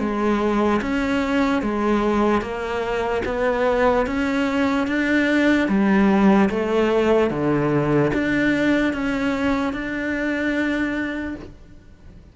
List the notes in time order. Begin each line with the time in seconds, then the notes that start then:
0.00 G#3
0.81 C#4
1.62 G#3
2.41 A#3
3.25 B3
4.07 C#4
4.88 D4
5.68 G3
6.50 A3
7.30 D3
8.14 D4
8.93 C#4
9.73 D4